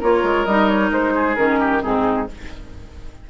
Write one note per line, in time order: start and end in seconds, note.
0.00 0.23 A#3
0.00 0.48 F4
0.00 1.14 A#4
0.00 0.46 C#5
0.23 0.46 G#3
0.46 0.91 G3
0.46 1.37 D#4
0.46 0.68 D#5
0.68 0.91 C#5
0.91 1.36 G#3
0.91 1.35 C5
1.15 1.60 G#4
1.35 1.83 D#3
1.35 1.82 C#4
1.35 1.81 A#4
1.60 1.82 G4
1.82 2.30 G#2
1.82 2.27 C4
1.82 2.28 D#4
1.82 2.29 G#4